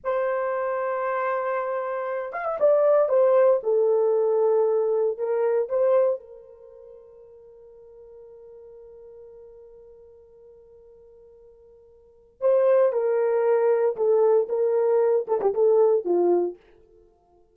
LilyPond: \new Staff \with { instrumentName = "horn" } { \time 4/4 \tempo 4 = 116 c''1~ | c''8 f''16 e''16 d''4 c''4 a'4~ | a'2 ais'4 c''4 | ais'1~ |
ais'1~ | ais'1 | c''4 ais'2 a'4 | ais'4. a'16 g'16 a'4 f'4 | }